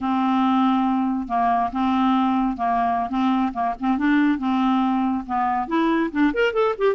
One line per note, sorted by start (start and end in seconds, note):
0.00 1.28 C4
1.28 1.70 A#3
1.72 2.56 C4
2.56 3.09 A#3
3.09 3.52 C4
3.53 3.74 A#3
3.79 3.98 C4
3.98 4.38 D4
4.38 5.24 C4
5.26 5.67 B3
5.67 6.10 E4
6.11 6.33 D4
6.33 6.53 A#4
6.53 6.74 A4
6.78 6.95 G4